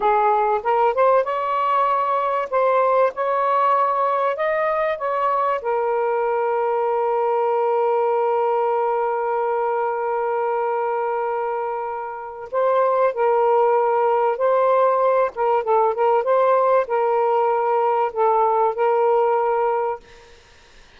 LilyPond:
\new Staff \with { instrumentName = "saxophone" } { \time 4/4 \tempo 4 = 96 gis'4 ais'8 c''8 cis''2 | c''4 cis''2 dis''4 | cis''4 ais'2.~ | ais'1~ |
ais'1 | c''4 ais'2 c''4~ | c''8 ais'8 a'8 ais'8 c''4 ais'4~ | ais'4 a'4 ais'2 | }